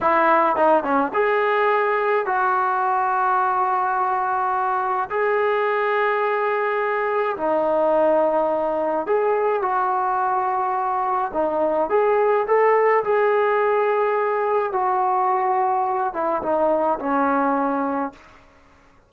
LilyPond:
\new Staff \with { instrumentName = "trombone" } { \time 4/4 \tempo 4 = 106 e'4 dis'8 cis'8 gis'2 | fis'1~ | fis'4 gis'2.~ | gis'4 dis'2. |
gis'4 fis'2. | dis'4 gis'4 a'4 gis'4~ | gis'2 fis'2~ | fis'8 e'8 dis'4 cis'2 | }